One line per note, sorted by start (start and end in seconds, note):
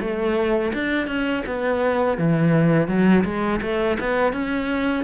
0.00 0.72 A3
0.73 1.07 D4
1.07 1.43 C#4
1.46 2.17 B3
2.17 2.87 E3
2.87 3.23 F#3
3.24 3.60 G#3
3.61 3.98 A3
3.99 4.32 B3
4.32 5.04 C#4